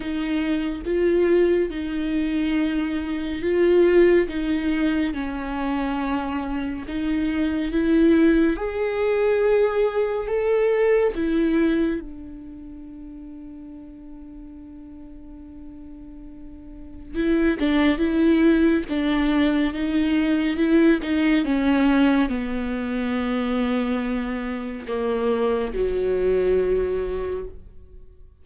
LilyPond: \new Staff \with { instrumentName = "viola" } { \time 4/4 \tempo 4 = 70 dis'4 f'4 dis'2 | f'4 dis'4 cis'2 | dis'4 e'4 gis'2 | a'4 e'4 d'2~ |
d'1 | e'8 d'8 e'4 d'4 dis'4 | e'8 dis'8 cis'4 b2~ | b4 ais4 fis2 | }